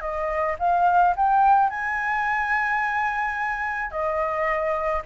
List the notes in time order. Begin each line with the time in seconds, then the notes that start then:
0.00 D#5
0.59 F5
1.16 G5
1.69 G#5
3.91 D#5